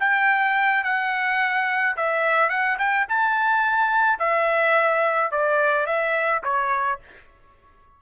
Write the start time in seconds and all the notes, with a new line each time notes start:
0.00 G5
0.84 F#5
1.97 E5
2.50 F#5
2.79 G5
3.09 A5
4.20 E5
5.32 D5
5.86 E5
6.44 C#5